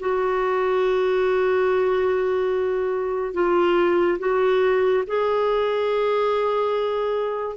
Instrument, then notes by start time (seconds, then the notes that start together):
clarinet
0.00 F#4
3.34 F4
4.19 F#4
5.07 G#4